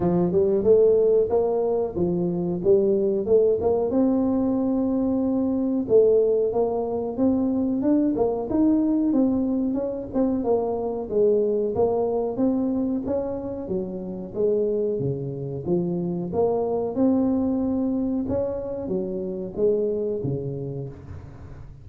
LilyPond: \new Staff \with { instrumentName = "tuba" } { \time 4/4 \tempo 4 = 92 f8 g8 a4 ais4 f4 | g4 a8 ais8 c'2~ | c'4 a4 ais4 c'4 | d'8 ais8 dis'4 c'4 cis'8 c'8 |
ais4 gis4 ais4 c'4 | cis'4 fis4 gis4 cis4 | f4 ais4 c'2 | cis'4 fis4 gis4 cis4 | }